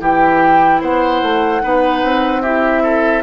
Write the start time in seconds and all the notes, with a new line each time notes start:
0.00 E3 E4 G4 G5
0.81 B3 C5 F#5
1.22 A3
1.62 B3 D#4 B4
2.03 C4
2.42 E4 G4 E5
2.83 A4